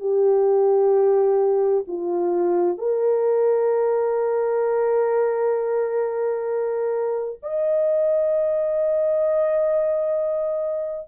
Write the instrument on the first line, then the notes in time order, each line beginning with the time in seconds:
horn
0.00 G4
1.88 F4
2.78 A#4
7.43 D#5